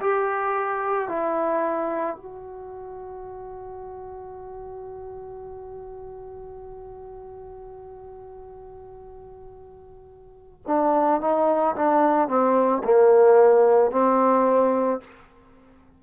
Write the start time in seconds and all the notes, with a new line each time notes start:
0.00 G4
1.08 E4
2.16 F#4
10.67 D4
11.20 D#4
11.75 D4
12.28 C4
12.84 A#3
13.91 C4